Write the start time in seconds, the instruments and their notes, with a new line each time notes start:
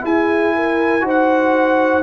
0.00 trombone E4, tuba E4, horn G#4, trumpet G#5
0.55 horn A#4
1.01 tuba D#4, trombone F#4, horn C5
1.09 trumpet F#5